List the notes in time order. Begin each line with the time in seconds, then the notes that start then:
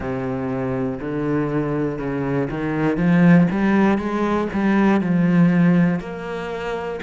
0.00 C3
1.00 D3
1.98 C#3
2.50 D#3
2.97 F3
3.50 G3
3.98 G#3
4.53 G3
5.00 F3
6.00 A#3